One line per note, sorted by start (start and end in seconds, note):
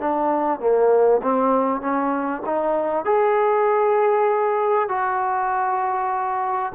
0.00 0.60 D4
0.60 1.21 A#3
1.23 1.81 C4
1.81 2.42 C#4
2.46 3.05 D#4
3.05 4.89 G#4
4.89 6.73 F#4